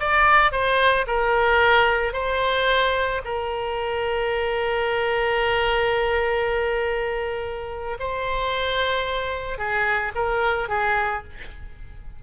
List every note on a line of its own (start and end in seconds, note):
0.00 0.52 D5
0.52 1.06 C5
1.07 2.13 A#4
2.13 3.21 C5
3.25 7.98 A#4
8.00 9.58 C5
9.58 10.12 G#4
10.15 10.69 A#4
10.69 11.23 G#4